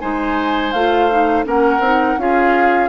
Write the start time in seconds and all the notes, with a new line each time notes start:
0.00 G#3 D#4 C5 G#5
0.72 A3 F4 F5
1.11 D#4
1.45 A#3 C#4 A#4 F#5
1.80 C4 D#4
2.18 C#4 F4 G#4 F5